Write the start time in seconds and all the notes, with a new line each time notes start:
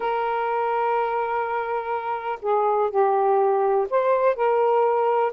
0.00 A#4
2.42 G#4
2.90 G4
3.90 C5
4.35 A#4